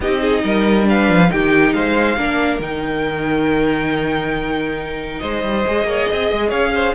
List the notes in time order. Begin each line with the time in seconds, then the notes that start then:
0.00 C4 D#4 G4 D#5
0.21 G#4
0.43 G3 A#4
0.83 D4 B4 F5
1.08 F3
1.28 D#3 D#4 G4 G5
1.73 G#3 C5 F5
2.16 A#3 D4 A#4
2.59 D#3 D#4 G5
5.19 G#3 C5 D#5
5.42 G3
5.66 G#3 G#4
5.84 A#3 C#5
6.09 C4 D#5
6.32 G#3
6.48 C#4 C#5 F5
6.74 C5